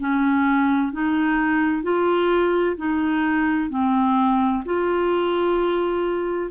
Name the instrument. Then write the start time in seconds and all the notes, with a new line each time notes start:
clarinet
0.00 C#4
0.93 D#4
1.83 F4
2.77 D#4
3.70 C4
4.65 F4